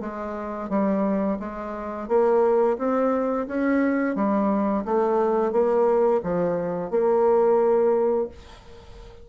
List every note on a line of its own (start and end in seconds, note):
0.00 0.69 G#3
0.69 1.38 G3
1.39 2.08 G#3
2.08 2.77 A#3
2.78 3.47 C4
3.47 4.15 C#4
4.15 4.84 G3
4.85 5.52 A3
5.52 6.21 A#3
6.23 6.90 F3
6.90 8.28 A#3